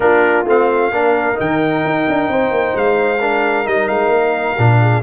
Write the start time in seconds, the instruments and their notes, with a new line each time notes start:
0.00 tuba A#3, trombone D4, horn F4, trumpet A#4
0.45 tuba A3, trombone C4, trumpet F5
0.91 tuba A#3, trombone D4, horn A#4
1.34 tuba D#3, trombone D#4, trumpet G5
1.84 tuba D#4
2.09 tuba D4
2.28 tuba C4, horn C5
2.50 tuba A#3
2.75 tuba G#3, trumpet F5
3.19 trombone D4, horn A#4
3.65 tuba G3, trombone D#4, trumpet D#5
3.88 tuba G#3, trumpet F5
4.08 tuba A#3
4.58 tuba A#2, trombone D4
4.80 horn G#4